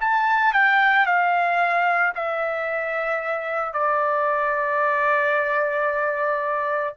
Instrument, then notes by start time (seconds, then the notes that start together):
trumpet
0.00 A5
0.53 G5
1.06 F5
2.15 E5
3.73 D5